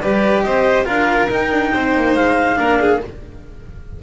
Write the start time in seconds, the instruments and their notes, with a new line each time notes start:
0.00 double bass G3, cello G4, violin B4, clarinet D5
0.42 double bass C4, violin C5, clarinet D#5
0.85 double bass D4, cello F4, violin A#4, clarinet F5
1.30 cello D#4, double bass D#4, clarinet G5
1.51 double bass D4
1.72 double bass C4, violin C5
1.96 double bass A#3
2.15 double bass G#3, clarinet F5
2.56 double bass A#3, cello D4, violin A#4
2.80 violin G#4